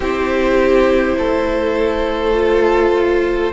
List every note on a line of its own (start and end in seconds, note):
0.00 1.15 C4
0.00 2.34 E4
0.00 1.15 G4
0.00 3.52 C5
1.17 3.52 A3
1.17 3.52 A4
2.34 3.51 F4